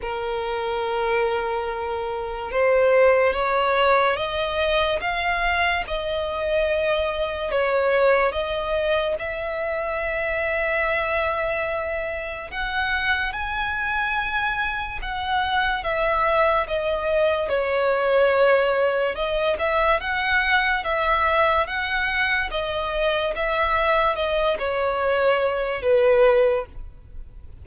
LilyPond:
\new Staff \with { instrumentName = "violin" } { \time 4/4 \tempo 4 = 72 ais'2. c''4 | cis''4 dis''4 f''4 dis''4~ | dis''4 cis''4 dis''4 e''4~ | e''2. fis''4 |
gis''2 fis''4 e''4 | dis''4 cis''2 dis''8 e''8 | fis''4 e''4 fis''4 dis''4 | e''4 dis''8 cis''4. b'4 | }